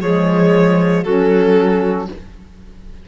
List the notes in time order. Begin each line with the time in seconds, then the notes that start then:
0.00 F3 G#3 G#4 C#5
1.03 F#3 C#4 F#4 A4